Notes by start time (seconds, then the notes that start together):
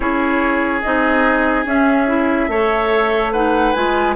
0.00 C#4 E4 G#4 C#5
0.81 C4 D#4 D#5
1.65 C#4 E5
2.07 E4
2.48 A3 A4 C#5
3.32 D#4 B4 F#5
3.72 G#3 F4 G#5